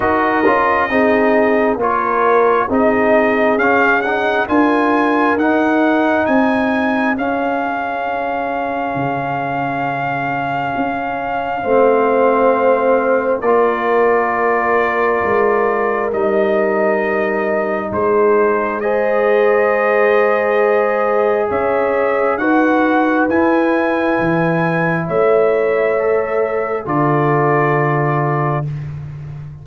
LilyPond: <<
  \new Staff \with { instrumentName = "trumpet" } { \time 4/4 \tempo 4 = 67 dis''2 cis''4 dis''4 | f''8 fis''8 gis''4 fis''4 gis''4 | f''1~ | f''2. d''4~ |
d''2 dis''2 | c''4 dis''2. | e''4 fis''4 gis''2 | e''2 d''2 | }
  \new Staff \with { instrumentName = "horn" } { \time 4/4 ais'4 gis'4 ais'4 gis'4~ | gis'4 ais'2 gis'4~ | gis'1~ | gis'4 c''2 ais'4~ |
ais'1 | gis'4 c''2. | cis''4 b'2. | cis''2 a'2 | }
  \new Staff \with { instrumentName = "trombone" } { \time 4/4 fis'8 f'8 dis'4 f'4 dis'4 | cis'8 dis'8 f'4 dis'2 | cis'1~ | cis'4 c'2 f'4~ |
f'2 dis'2~ | dis'4 gis'2.~ | gis'4 fis'4 e'2~ | e'4 a'4 f'2 | }
  \new Staff \with { instrumentName = "tuba" } { \time 4/4 dis'8 cis'8 c'4 ais4 c'4 | cis'4 d'4 dis'4 c'4 | cis'2 cis2 | cis'4 a2 ais4~ |
ais4 gis4 g2 | gis1 | cis'4 dis'4 e'4 e4 | a2 d2 | }
>>